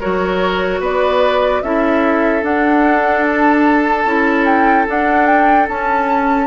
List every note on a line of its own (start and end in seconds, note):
0.00 0.80 F#3
0.00 1.63 F#4
0.00 0.80 A#4
0.00 0.82 C#5
0.80 1.61 B3
0.80 1.61 B4
0.80 1.62 D5
1.62 2.43 C#4
1.62 2.42 E4
1.62 6.47 A4
1.62 2.43 E5
2.42 4.04 D4
2.42 4.05 D4
2.42 3.25 F#5
3.27 4.45 A5
4.05 4.86 C#4
4.05 4.87 E4
4.45 4.86 G5
4.87 5.68 D4
4.87 5.69 D4
4.87 5.26 F#5
5.26 5.67 G5
5.68 6.47 C#4
5.68 6.47 A5